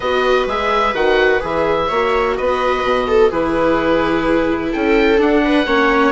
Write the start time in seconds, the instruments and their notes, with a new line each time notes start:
0.00 bassoon B3, viola F#4 B4, oboe D#5
0.46 bassoon G#3, viola G#4, oboe E5
0.93 bassoon D#3, viola F#4, oboe F#5
1.40 bassoon E3, viola G#4, oboe E5
1.87 bassoon A#3, viola F#4 C#5
2.37 bassoon B3, viola B4, oboe D#5
2.83 bassoon B2
3.08 viola A4
3.30 bassoon E3, viola E4 G#4, oboe B4
4.72 bassoon C#4, viola A4, oboe G5
5.17 viola D4, bassoon D4, oboe F#5
5.44 viola B4
5.66 bassoon A#3, viola C#4 C#5